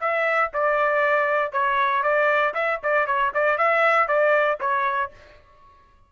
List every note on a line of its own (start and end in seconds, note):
0.00 0.51 E5
0.53 1.52 D5
1.52 2.03 C#5
2.03 2.54 D5
2.54 2.79 E5
2.83 3.06 D5
3.06 3.32 C#5
3.34 3.58 D5
3.58 4.07 E5
4.07 4.58 D5
4.60 5.11 C#5